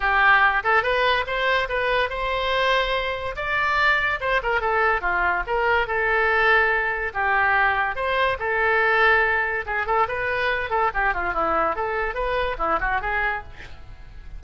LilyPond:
\new Staff \with { instrumentName = "oboe" } { \time 4/4 \tempo 4 = 143 g'4. a'8 b'4 c''4 | b'4 c''2. | d''2 c''8 ais'8 a'4 | f'4 ais'4 a'2~ |
a'4 g'2 c''4 | a'2. gis'8 a'8 | b'4. a'8 g'8 f'8 e'4 | a'4 b'4 e'8 fis'8 gis'4 | }